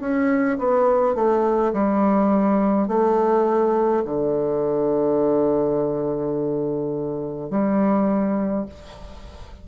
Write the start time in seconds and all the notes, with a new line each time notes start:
0.00 C#4
0.58 B3
1.15 A3
1.73 G3
2.87 A3
4.04 D3
7.50 G3